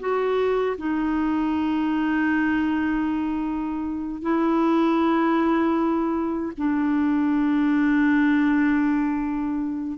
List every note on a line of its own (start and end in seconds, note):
0.00 0.77 F#4
0.78 4.22 D#4
4.22 6.53 E4
6.57 9.98 D4